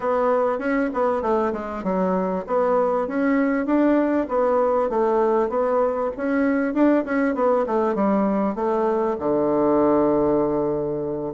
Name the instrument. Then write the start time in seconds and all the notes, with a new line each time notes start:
bassoon
0.00 B3
0.58 C#4
0.93 B3
1.22 A3
1.53 G#3
1.83 F#3
2.46 B3
3.08 C#4
3.66 D4
4.28 B3
4.89 A3
5.49 B3
6.16 C#4
6.73 D4
7.04 C#4
7.34 B3
7.66 A3
7.95 G3
8.55 A3
9.19 D3